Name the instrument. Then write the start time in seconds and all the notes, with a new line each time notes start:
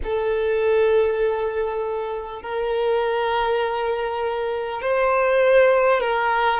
violin
0.03 A4
2.42 A#4
4.81 C5
6.00 A#4